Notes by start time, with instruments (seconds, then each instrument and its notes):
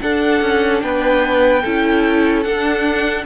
0.00 viola D4, cello D4, violin A4 F#5
0.41 cello C#4
0.81 cello B3, violin B4 G5
1.61 cello C#4, viola E4, violin A4
2.42 viola D4, cello D4, violin F#5